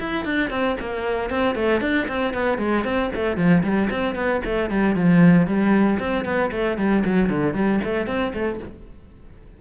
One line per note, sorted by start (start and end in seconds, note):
0.00 0.25 E4
0.25 0.51 D4
0.51 0.77 C4
0.80 1.30 A#3
1.30 1.56 C4
1.56 1.81 A3
1.81 2.08 D4
2.08 2.34 C4
2.34 2.58 B3
2.58 2.85 G#3
2.85 3.11 C4
3.15 3.37 A3
3.37 3.63 F3
3.64 3.90 G3
3.91 4.15 C4
4.15 4.42 B3
4.45 4.71 A3
4.71 4.96 G3
4.96 5.47 F3
5.47 6.00 G3
6.00 6.25 C4
6.25 6.51 B3
6.52 6.78 A3
6.78 7.04 G3
7.05 7.29 F#3
7.29 7.55 D3
7.55 7.81 G3
7.85 8.07 A3
8.07 8.33 C4
8.34 8.60 A3